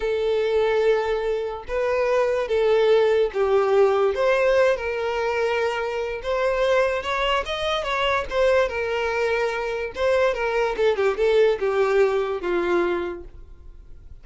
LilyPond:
\new Staff \with { instrumentName = "violin" } { \time 4/4 \tempo 4 = 145 a'1 | b'2 a'2 | g'2 c''4. ais'8~ | ais'2. c''4~ |
c''4 cis''4 dis''4 cis''4 | c''4 ais'2. | c''4 ais'4 a'8 g'8 a'4 | g'2 f'2 | }